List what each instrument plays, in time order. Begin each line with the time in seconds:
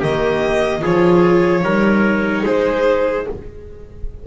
0.00 double bass D#3, viola A#3, trumpet G4, violin D#5
0.81 double bass F3, viola F4, trumpet G#4, violin C#5
1.63 double bass G3, viola D#4, trumpet A#4
2.45 double bass G#3, trumpet G#4, violin C5